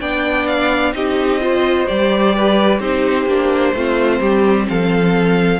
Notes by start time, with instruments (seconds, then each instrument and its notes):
0.00 cello B3, viola D4, violin D5 G5
0.46 violin F5
0.93 cello C4, viola D#4, violin G4 D#5
1.40 viola F4, violin C5
1.86 cello G3, viola G4, violin D5
2.35 violin B4
2.79 cello C4, viola D#4, violin G4 C5
3.25 cello A#3, viola D4
3.73 cello A3, viola C4, violin F4
4.20 cello G3, violin G4
4.68 cello F3, violin A4 F5